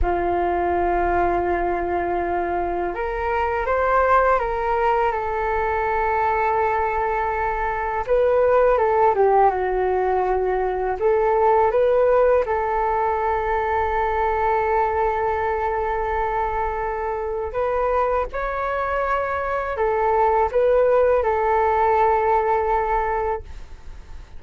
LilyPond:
\new Staff \with { instrumentName = "flute" } { \time 4/4 \tempo 4 = 82 f'1 | ais'4 c''4 ais'4 a'4~ | a'2. b'4 | a'8 g'8 fis'2 a'4 |
b'4 a'2.~ | a'1 | b'4 cis''2 a'4 | b'4 a'2. | }